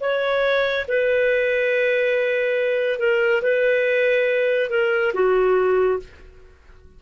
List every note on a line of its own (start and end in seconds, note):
0.00 0.86 C#5
0.88 2.99 B4
2.99 3.42 A#4
3.42 4.69 B4
4.69 5.12 A#4
5.14 5.99 F#4